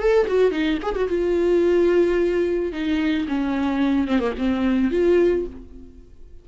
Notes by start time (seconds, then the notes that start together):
0.00 A4
0.28 F#4
0.52 D#4
0.83 G#4
0.96 F#4
1.09 F4
2.72 D#4
3.29 C#4
4.08 C4
4.20 A#3
4.38 C4
4.91 F4